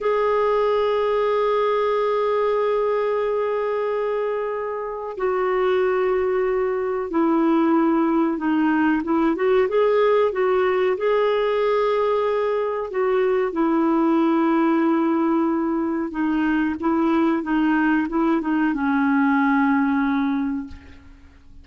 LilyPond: \new Staff \with { instrumentName = "clarinet" } { \time 4/4 \tempo 4 = 93 gis'1~ | gis'1 | fis'2. e'4~ | e'4 dis'4 e'8 fis'8 gis'4 |
fis'4 gis'2. | fis'4 e'2.~ | e'4 dis'4 e'4 dis'4 | e'8 dis'8 cis'2. | }